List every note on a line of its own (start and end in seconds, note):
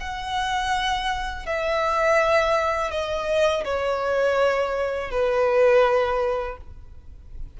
0.00 1.46 F#5
1.46 2.91 E5
2.91 3.64 D#5
3.65 5.11 C#5
5.11 6.57 B4